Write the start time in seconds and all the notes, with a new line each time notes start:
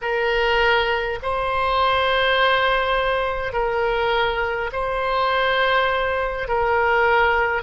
0.01 A#4
1.22 C5
3.52 A#4
4.72 C5
6.48 A#4